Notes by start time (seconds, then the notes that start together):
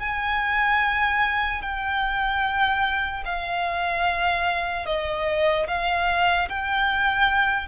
0.00 G#5
1.62 G5
3.25 F5
4.86 D#5
5.68 F5
6.49 G5